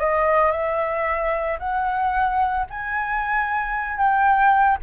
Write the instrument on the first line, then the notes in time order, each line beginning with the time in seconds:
flute
0.00 D#5
0.52 E5
1.59 F#5
2.71 G#5
3.98 G5